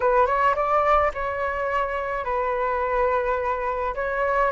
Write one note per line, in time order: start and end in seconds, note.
0.00 0.26 B4
0.26 0.54 C#5
0.55 1.11 D5
1.14 2.24 C#5
2.24 3.94 B4
3.94 4.51 C#5